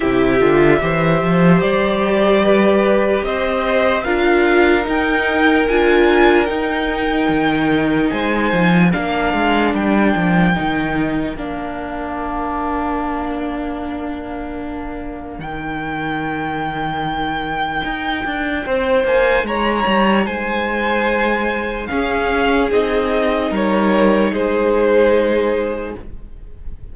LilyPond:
<<
  \new Staff \with { instrumentName = "violin" } { \time 4/4 \tempo 4 = 74 e''2 d''2 | dis''4 f''4 g''4 gis''4 | g''2 gis''4 f''4 | g''2 f''2~ |
f''2. g''4~ | g''2.~ g''8 gis''8 | ais''4 gis''2 f''4 | dis''4 cis''4 c''2 | }
  \new Staff \with { instrumentName = "violin" } { \time 4/4 g'4 c''2 b'4 | c''4 ais'2.~ | ais'2 c''4 ais'4~ | ais'1~ |
ais'1~ | ais'2. c''4 | cis''4 c''2 gis'4~ | gis'4 ais'4 gis'2 | }
  \new Staff \with { instrumentName = "viola" } { \time 4/4 e'8 f'8 g'2.~ | g'4 f'4 dis'4 f'4 | dis'2. d'4~ | d'4 dis'4 d'2~ |
d'2. dis'4~ | dis'1~ | dis'2. cis'4 | dis'1 | }
  \new Staff \with { instrumentName = "cello" } { \time 4/4 c8 d8 e8 f8 g2 | c'4 d'4 dis'4 d'4 | dis'4 dis4 gis8 f8 ais8 gis8 | g8 f8 dis4 ais2~ |
ais2. dis4~ | dis2 dis'8 d'8 c'8 ais8 | gis8 g8 gis2 cis'4 | c'4 g4 gis2 | }
>>